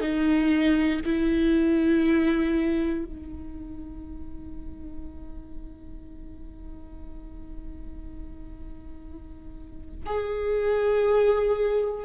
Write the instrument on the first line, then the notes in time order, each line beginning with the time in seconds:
viola
0.00 D#4
1.05 E4
3.04 D#4
10.06 G#4